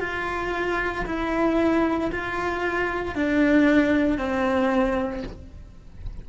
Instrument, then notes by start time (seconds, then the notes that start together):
cello
0.00 F4
1.06 E4
2.12 F4
3.15 D4
4.18 C4